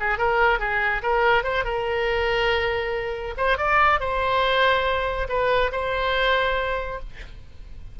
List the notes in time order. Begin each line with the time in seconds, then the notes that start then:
0.00 G#4
0.18 A#4
0.59 G#4
1.02 A#4
1.43 C5
1.64 A#4
3.37 C5
3.57 D5
4.00 C5
5.29 B4
5.72 C5